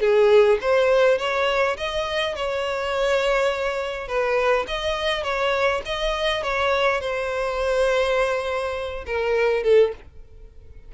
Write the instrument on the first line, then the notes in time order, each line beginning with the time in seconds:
violin
0.00 G#4
0.61 C5
1.18 C#5
1.77 D#5
2.35 C#5
4.08 B4
4.67 D#5
5.23 C#5
5.85 D#5
6.43 C#5
7.00 C5
9.06 A#4
9.63 A4